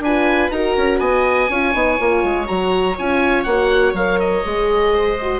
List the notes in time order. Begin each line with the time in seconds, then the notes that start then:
0.00 D4 B4 G#5
0.06 F4
0.51 D#4 F#4 A#4 A#5
0.77 C#4
1.00 B3 D#5 G#5
1.49 C#4 F4 C#5
1.74 B3 D#4
1.99 A#3 F4
2.23 G#3
2.46 F#3 F#4 A#5
2.98 C#4 F4 G#5
3.44 A#3 F#4 F#5
3.93 F#3 A#4 F5
4.19 D#5
4.44 G#3 G#4
4.94 C5
5.22 F#4